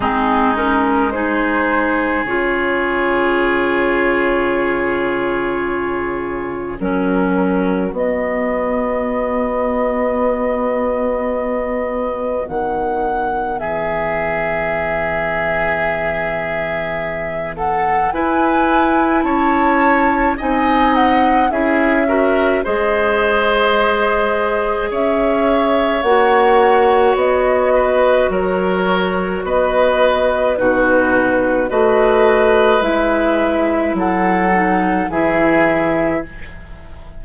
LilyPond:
<<
  \new Staff \with { instrumentName = "flute" } { \time 4/4 \tempo 4 = 53 gis'8 ais'8 c''4 cis''2~ | cis''2 ais'4 dis''4~ | dis''2. fis''4 | e''2.~ e''8 fis''8 |
gis''4 a''4 gis''8 fis''8 e''4 | dis''2 e''4 fis''4 | dis''4 cis''4 dis''4 b'4 | dis''4 e''4 fis''4 e''4 | }
  \new Staff \with { instrumentName = "oboe" } { \time 4/4 dis'4 gis'2.~ | gis'2 fis'2~ | fis'1 | gis'2.~ gis'8 a'8 |
b'4 cis''4 dis''4 gis'8 ais'8 | c''2 cis''2~ | cis''8 b'8 ais'4 b'4 fis'4 | b'2 a'4 gis'4 | }
  \new Staff \with { instrumentName = "clarinet" } { \time 4/4 c'8 cis'8 dis'4 f'2~ | f'2 cis'4 b4~ | b1~ | b1 |
e'2 dis'4 e'8 fis'8 | gis'2. fis'4~ | fis'2. dis'4 | fis'4 e'4. dis'8 e'4 | }
  \new Staff \with { instrumentName = "bassoon" } { \time 4/4 gis2 cis2~ | cis2 fis4 b4~ | b2. dis4 | e1 |
e'4 cis'4 c'4 cis'4 | gis2 cis'4 ais4 | b4 fis4 b4 b,4 | a4 gis4 fis4 e4 | }
>>